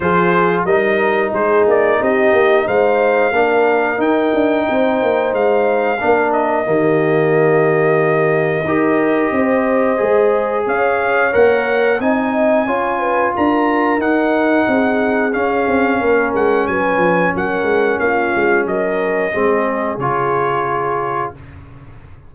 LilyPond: <<
  \new Staff \with { instrumentName = "trumpet" } { \time 4/4 \tempo 4 = 90 c''4 dis''4 c''8 d''8 dis''4 | f''2 g''2 | f''4. dis''2~ dis''8~ | dis''1 |
f''4 fis''4 gis''2 | ais''4 fis''2 f''4~ | f''8 fis''8 gis''4 fis''4 f''4 | dis''2 cis''2 | }
  \new Staff \with { instrumentName = "horn" } { \time 4/4 gis'4 ais'4 gis'4 g'4 | c''4 ais'2 c''4~ | c''4 ais'4 g'2~ | g'4 ais'4 c''2 |
cis''2 dis''4 cis''8 b'8 | ais'2 gis'2 | ais'4 b'4 ais'4 f'4 | ais'4 gis'2. | }
  \new Staff \with { instrumentName = "trombone" } { \time 4/4 f'4 dis'2.~ | dis'4 d'4 dis'2~ | dis'4 d'4 ais2~ | ais4 g'2 gis'4~ |
gis'4 ais'4 dis'4 f'4~ | f'4 dis'2 cis'4~ | cis'1~ | cis'4 c'4 f'2 | }
  \new Staff \with { instrumentName = "tuba" } { \time 4/4 f4 g4 gis8 ais8 c'8 ais8 | gis4 ais4 dis'8 d'8 c'8 ais8 | gis4 ais4 dis2~ | dis4 dis'4 c'4 gis4 |
cis'4 ais4 c'4 cis'4 | d'4 dis'4 c'4 cis'8 c'8 | ais8 gis8 fis8 f8 fis8 gis8 ais8 gis8 | fis4 gis4 cis2 | }
>>